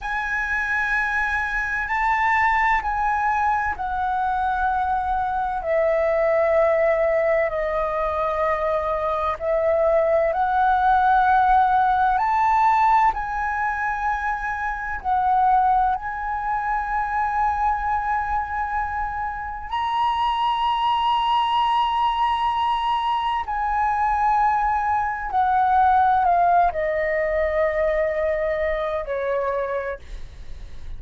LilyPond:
\new Staff \with { instrumentName = "flute" } { \time 4/4 \tempo 4 = 64 gis''2 a''4 gis''4 | fis''2 e''2 | dis''2 e''4 fis''4~ | fis''4 a''4 gis''2 |
fis''4 gis''2.~ | gis''4 ais''2.~ | ais''4 gis''2 fis''4 | f''8 dis''2~ dis''8 cis''4 | }